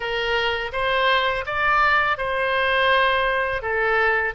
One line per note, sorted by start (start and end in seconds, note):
0.00 0.71 A#4
0.72 1.44 C5
1.46 2.17 D5
2.17 3.61 C5
3.62 4.34 A4